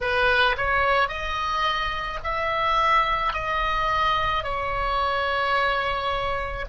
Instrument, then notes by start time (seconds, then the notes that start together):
oboe
0.00 B4
0.57 C#5
1.08 D#5
2.23 E5
3.33 D#5
4.43 C#5